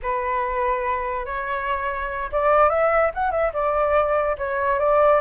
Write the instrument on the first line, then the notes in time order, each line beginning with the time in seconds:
flute
0.02 B4
1.25 C#5
2.32 D5
2.69 E5
3.14 F#5
3.31 E5
3.53 D5
4.37 C#5
4.79 D5